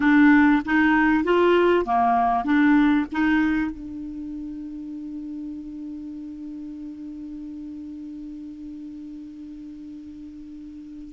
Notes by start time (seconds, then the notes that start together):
0.00 D4
0.65 D#4
1.23 F4
1.85 A#3
2.44 D4
3.12 D#4
3.71 D4